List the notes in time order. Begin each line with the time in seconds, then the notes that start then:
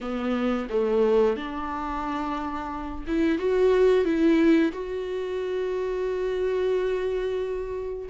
0.00 B3
0.69 A3
1.36 D4
3.07 E4
3.38 F#4
4.04 E4
4.72 F#4